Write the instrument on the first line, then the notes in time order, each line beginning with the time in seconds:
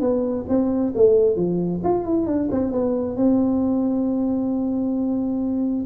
tuba
0.00 B3
0.48 C4
0.95 A3
1.36 F3
1.83 F4
2.05 E4
2.26 D4
2.51 C4
2.71 B3
3.16 C4